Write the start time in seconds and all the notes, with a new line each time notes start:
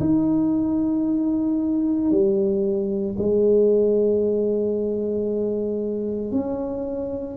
0.00 D#4
2.11 G3
3.18 G#3
6.32 C#4